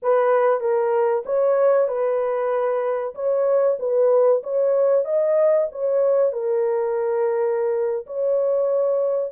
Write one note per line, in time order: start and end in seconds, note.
0.02 0.60 B4
0.60 1.23 A#4
1.25 1.88 C#5
1.88 3.14 B4
3.14 3.77 C#5
3.79 4.42 B4
4.43 5.04 C#5
5.04 5.67 D#5
5.71 6.32 C#5
6.32 8.06 A#4
8.06 9.32 C#5